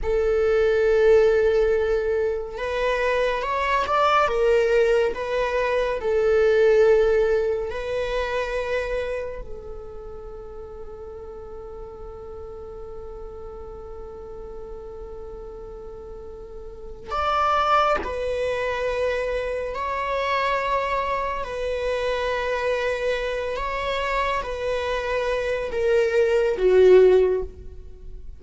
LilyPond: \new Staff \with { instrumentName = "viola" } { \time 4/4 \tempo 4 = 70 a'2. b'4 | cis''8 d''8 ais'4 b'4 a'4~ | a'4 b'2 a'4~ | a'1~ |
a'1 | d''4 b'2 cis''4~ | cis''4 b'2~ b'8 cis''8~ | cis''8 b'4. ais'4 fis'4 | }